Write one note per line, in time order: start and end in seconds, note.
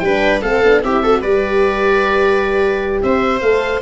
0.00 0.41 G3
0.00 0.44 D4
0.00 0.42 B4
0.00 0.40 G5
0.42 0.63 A3
0.42 0.64 C4
0.42 0.82 A4
0.42 0.82 F5
0.64 0.83 B3
0.64 0.84 D4
0.83 1.22 C4
0.83 1.05 E4
0.83 1.04 G4
0.83 1.22 E5
1.04 1.24 F#4
1.04 1.21 A4
1.21 3.02 G3
1.21 3.44 G4
1.21 3.01 B4
1.21 3.02 D5
3.02 3.42 C4
3.02 3.83 C5
3.02 3.41 E5
3.41 3.82 A3
3.41 3.83 A4
3.41 3.81 F5